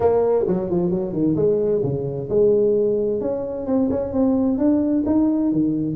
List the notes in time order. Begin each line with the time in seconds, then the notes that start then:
0.00 A#3
0.47 F#3
0.70 F3
0.90 F#3
1.12 D#3
1.36 G#3
1.83 C#3
2.29 G#3
3.21 C#4
3.66 C4
3.90 C#4
4.13 C4
4.58 D4
5.06 D#4
5.52 D#3